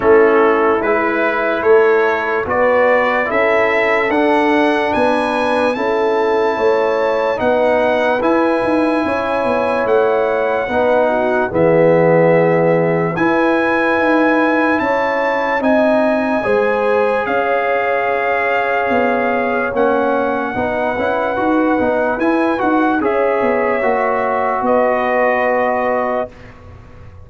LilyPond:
<<
  \new Staff \with { instrumentName = "trumpet" } { \time 4/4 \tempo 4 = 73 a'4 b'4 cis''4 d''4 | e''4 fis''4 gis''4 a''4~ | a''4 fis''4 gis''2 | fis''2 e''2 |
gis''2 a''4 gis''4~ | gis''4 f''2. | fis''2. gis''8 fis''8 | e''2 dis''2 | }
  \new Staff \with { instrumentName = "horn" } { \time 4/4 e'2 a'4 b'4 | a'2 b'4 a'4 | cis''4 b'2 cis''4~ | cis''4 b'8 fis'8 gis'2 |
b'2 cis''4 dis''4 | c''4 cis''2.~ | cis''4 b'2. | cis''2 b'2 | }
  \new Staff \with { instrumentName = "trombone" } { \time 4/4 cis'4 e'2 fis'4 | e'4 d'2 e'4~ | e'4 dis'4 e'2~ | e'4 dis'4 b2 |
e'2. dis'4 | gis'1 | cis'4 dis'8 e'8 fis'8 dis'8 e'8 fis'8 | gis'4 fis'2. | }
  \new Staff \with { instrumentName = "tuba" } { \time 4/4 a4 gis4 a4 b4 | cis'4 d'4 b4 cis'4 | a4 b4 e'8 dis'8 cis'8 b8 | a4 b4 e2 |
e'4 dis'4 cis'4 c'4 | gis4 cis'2 b4 | ais4 b8 cis'8 dis'8 b8 e'8 dis'8 | cis'8 b8 ais4 b2 | }
>>